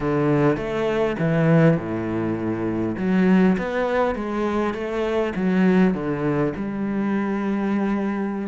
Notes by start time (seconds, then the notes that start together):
0.00 D3
0.56 A3
1.19 E3
1.77 A2
2.97 F#3
3.58 B3
4.14 G#3
4.74 A3
5.35 F#3
5.94 D3
6.56 G3